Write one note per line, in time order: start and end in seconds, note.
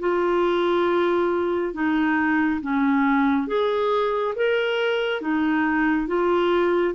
0.00 1.74 F4
1.74 2.61 D#4
2.61 3.48 C#4
3.48 4.35 G#4
4.36 5.21 A#4
5.21 6.08 D#4
6.08 6.94 F4